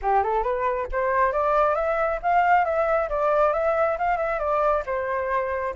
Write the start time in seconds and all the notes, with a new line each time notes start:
0.02 G4
0.23 A4
0.43 B4
0.91 C5
1.32 D5
1.75 E5
2.22 F5
2.65 E5
3.09 D5
3.53 E5
3.98 F5
4.17 E5
4.39 D5
4.85 C5